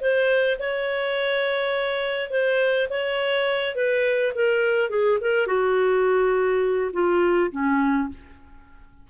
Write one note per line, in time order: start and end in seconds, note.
0.00 0.58 C5
0.58 2.30 C#5
2.30 2.88 C5
2.89 3.75 C#5
3.75 4.33 B4
4.35 4.89 A#4
4.89 5.18 G#4
5.20 5.47 A#4
5.47 6.91 F#4
6.93 7.50 F4
7.51 8.08 C#4